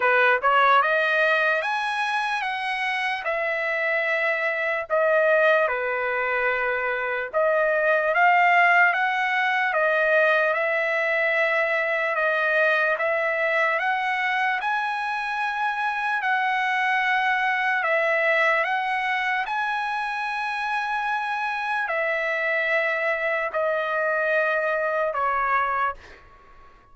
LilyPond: \new Staff \with { instrumentName = "trumpet" } { \time 4/4 \tempo 4 = 74 b'8 cis''8 dis''4 gis''4 fis''4 | e''2 dis''4 b'4~ | b'4 dis''4 f''4 fis''4 | dis''4 e''2 dis''4 |
e''4 fis''4 gis''2 | fis''2 e''4 fis''4 | gis''2. e''4~ | e''4 dis''2 cis''4 | }